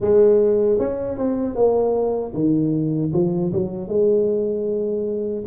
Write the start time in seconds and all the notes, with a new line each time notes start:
0.00 G#3
0.79 C#4
1.18 C4
1.55 A#3
2.34 D#3
3.13 F3
3.52 F#3
3.87 G#3